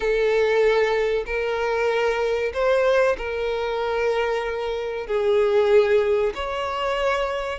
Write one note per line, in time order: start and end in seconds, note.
0.00 1.24 A4
1.26 2.52 A#4
2.53 3.16 C5
3.18 5.06 A#4
5.06 6.33 G#4
6.34 7.58 C#5